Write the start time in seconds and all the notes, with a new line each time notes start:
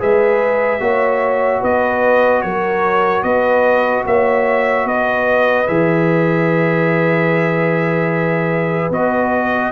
0.00 G#3 G#4 B4 E5
0.80 A#3 F#4 C#5
1.61 B3 B4 D#5
2.42 F#3 A#4 C#5
3.23 B3 B4 D#5
4.06 A#3 C#5 E5
4.85 B3 B4 D#5
5.68 E3 G#4 E5
8.90 B3 F#4 D#5